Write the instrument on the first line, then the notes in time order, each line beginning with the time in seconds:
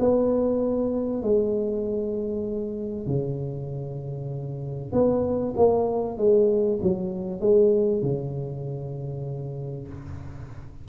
tuba
0.00 B3
1.23 G#3
3.08 C#3
4.93 B3
5.57 A#3
6.18 G#3
6.83 F#3
7.41 G#3
8.03 C#3